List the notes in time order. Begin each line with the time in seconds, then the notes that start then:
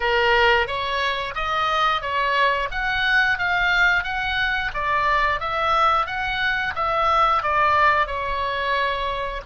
0.00 A#4
0.67 C#5
1.35 D#5
2.01 C#5
2.71 F#5
3.38 F5
4.03 F#5
4.73 D5
5.39 E5
6.06 F#5
6.75 E5
7.42 D5
8.07 C#5